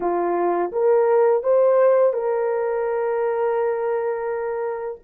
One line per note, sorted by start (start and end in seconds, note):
0.00 0.71 F4
0.71 1.43 A#4
1.43 2.13 C5
2.13 4.98 A#4